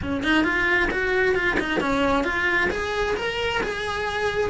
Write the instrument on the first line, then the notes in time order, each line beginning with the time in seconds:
cello
0.02 C#4
0.23 D#4
0.44 F4
0.90 F#4
1.34 F4
1.59 D#4
1.80 C#4
2.24 F4
2.70 G#4
3.16 A#4
3.63 G#4